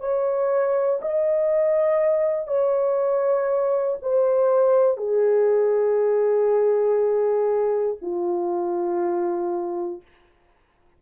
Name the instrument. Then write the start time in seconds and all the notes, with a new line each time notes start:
horn
0.00 C#5
1.01 D#5
2.47 C#5
4.02 C5
4.97 G#4
8.01 F4